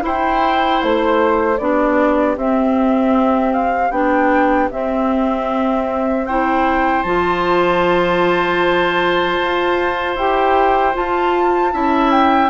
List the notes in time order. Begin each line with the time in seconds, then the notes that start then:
0.00 E4 C5 G5
0.83 A3 C5
1.58 B3 D4 G4 D5
2.37 C4 E5
3.53 F5
3.91 B3 D4 G5
4.71 C4 E5
6.26 E4 C5 G5
7.03 F3 F4 A5
9.41 F4
10.16 E4 G4 G5
10.94 F4 A5
11.72 C#4 E4 E5
12.12 G5